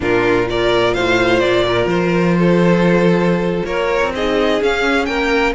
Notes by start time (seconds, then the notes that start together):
0.00 A#2 D4 F4 A#4
0.46 F4 A#4 D5
0.93 A2 C5 F5
1.39 A#2 D5
1.66 A#4
1.85 F3 C5
2.38 A4
3.65 A#3 A#4 C#5
4.02 C4
4.15 D#4 G#4 D#5
4.61 C#4 F5
5.05 A#3 A#4 G5